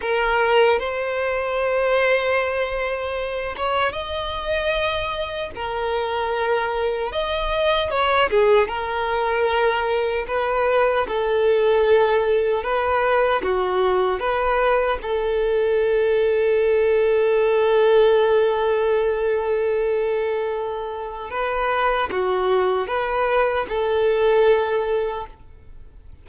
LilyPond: \new Staff \with { instrumentName = "violin" } { \time 4/4 \tempo 4 = 76 ais'4 c''2.~ | c''8 cis''8 dis''2 ais'4~ | ais'4 dis''4 cis''8 gis'8 ais'4~ | ais'4 b'4 a'2 |
b'4 fis'4 b'4 a'4~ | a'1~ | a'2. b'4 | fis'4 b'4 a'2 | }